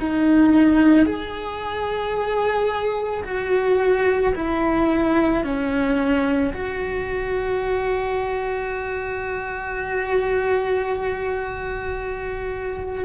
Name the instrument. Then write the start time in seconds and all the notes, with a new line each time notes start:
cello
0.00 D#4
1.06 G#4
3.24 F#4
4.35 E4
5.44 C#4
6.54 F#4